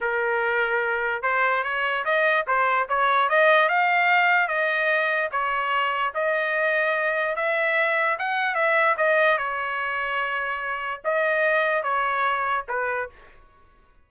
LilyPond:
\new Staff \with { instrumentName = "trumpet" } { \time 4/4 \tempo 4 = 147 ais'2. c''4 | cis''4 dis''4 c''4 cis''4 | dis''4 f''2 dis''4~ | dis''4 cis''2 dis''4~ |
dis''2 e''2 | fis''4 e''4 dis''4 cis''4~ | cis''2. dis''4~ | dis''4 cis''2 b'4 | }